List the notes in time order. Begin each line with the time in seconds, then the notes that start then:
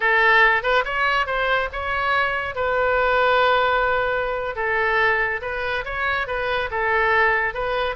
0.00 A4
0.62 B4
0.84 C#5
1.26 C5
1.72 C#5
2.55 B4
4.55 A4
5.41 B4
5.85 C#5
6.27 B4
6.70 A4
7.54 B4